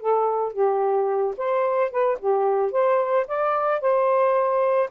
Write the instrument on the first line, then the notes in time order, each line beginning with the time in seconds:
saxophone
0.00 A4
0.53 G4
1.37 C5
1.91 B4
2.19 G4
2.72 C5
3.28 D5
3.81 C5